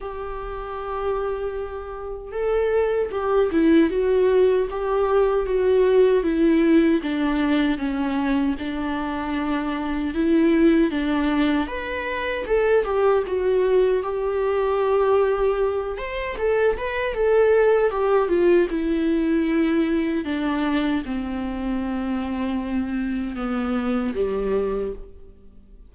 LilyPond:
\new Staff \with { instrumentName = "viola" } { \time 4/4 \tempo 4 = 77 g'2. a'4 | g'8 e'8 fis'4 g'4 fis'4 | e'4 d'4 cis'4 d'4~ | d'4 e'4 d'4 b'4 |
a'8 g'8 fis'4 g'2~ | g'8 c''8 a'8 b'8 a'4 g'8 f'8 | e'2 d'4 c'4~ | c'2 b4 g4 | }